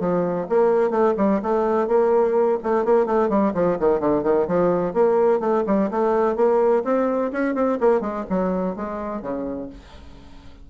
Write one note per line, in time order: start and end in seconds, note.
0.00 0.47 F3
0.50 0.91 A#3
0.91 1.14 A3
1.18 1.42 G3
1.43 1.88 A3
1.88 2.59 A#3
2.64 2.85 A3
2.85 3.06 A#3
3.06 3.30 A3
3.30 3.53 G3
3.55 3.78 F3
3.80 4.01 D#3
4.01 4.24 D3
4.24 4.47 D#3
4.48 4.94 F3
4.94 5.40 A#3
5.40 5.64 A3
5.67 5.91 G3
5.91 6.37 A3
6.37 6.84 A#3
6.85 7.32 C4
7.33 7.55 C#4
7.55 7.79 C4
7.81 8.01 A#3
8.01 8.25 G#3
8.30 8.77 F#3
8.77 9.23 G#3
9.23 9.70 C#3